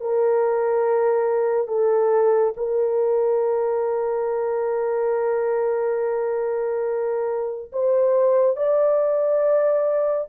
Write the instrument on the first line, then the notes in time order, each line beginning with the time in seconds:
horn
0.00 A#4
1.68 A4
2.56 A#4
7.72 C5
8.56 D5